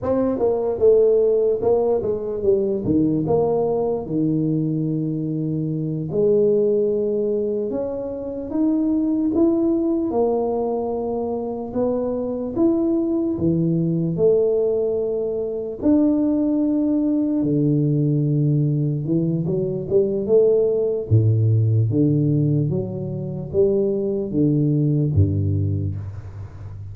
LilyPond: \new Staff \with { instrumentName = "tuba" } { \time 4/4 \tempo 4 = 74 c'8 ais8 a4 ais8 gis8 g8 dis8 | ais4 dis2~ dis8 gis8~ | gis4. cis'4 dis'4 e'8~ | e'8 ais2 b4 e'8~ |
e'8 e4 a2 d'8~ | d'4. d2 e8 | fis8 g8 a4 a,4 d4 | fis4 g4 d4 g,4 | }